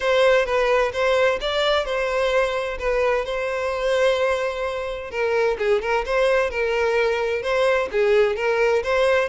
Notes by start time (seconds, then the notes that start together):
0.00 C5
0.45 B4
0.92 C5
1.41 D5
1.85 C5
2.79 B4
3.25 C5
5.10 A#4
5.58 G#4
5.81 A#4
6.05 C5
6.50 A#4
7.42 C5
7.91 G#4
8.36 A#4
8.83 C5